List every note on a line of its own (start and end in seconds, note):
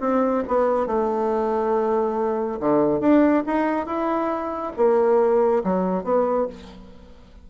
0.00 0.43 C4
0.47 0.87 B3
0.87 2.59 A3
2.60 3.00 D3
3.00 3.43 D4
3.46 3.86 D#4
3.86 4.72 E4
4.77 5.63 A#3
5.64 6.04 F#3
6.04 6.47 B3